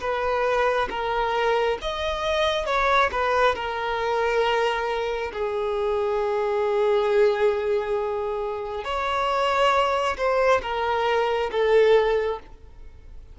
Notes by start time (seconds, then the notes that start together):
0.00 B4
0.90 A#4
1.81 D#5
2.66 C#5
3.11 B4
3.55 A#4
5.33 G#4
8.84 C#5
10.17 C5
10.62 A#4
11.51 A4